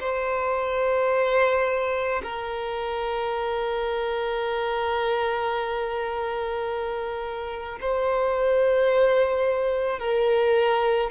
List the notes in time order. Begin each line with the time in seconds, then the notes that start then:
0.00 C5
2.23 A#4
7.81 C5
9.99 A#4